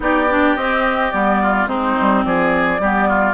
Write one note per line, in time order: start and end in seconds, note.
0.00 0.56 B3
0.00 0.26 D#4
0.00 1.42 G4
0.00 0.55 D5
0.30 0.57 D4
0.55 1.12 C4
0.55 1.11 D#5
1.11 1.67 G3
1.11 1.67 B3
1.11 1.67 D5
1.42 1.68 F4
1.67 1.95 G#3
1.67 2.79 C4
1.67 2.24 D#4
1.67 2.24 C5
2.00 2.25 G3
2.24 2.79 F3
2.24 2.81 G#4
2.24 3.33 D5
2.79 3.33 G3
2.79 3.33 B3
2.79 3.08 G4
3.08 3.33 F4